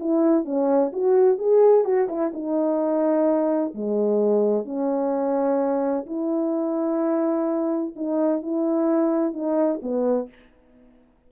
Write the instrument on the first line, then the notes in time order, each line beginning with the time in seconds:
horn
0.00 E4
0.45 C#4
0.93 F#4
1.38 G#4
1.85 F#4
2.09 E4
2.34 D#4
3.74 G#3
4.65 C#4
6.06 E4
7.96 D#4
8.42 E4
9.33 D#4
9.82 B3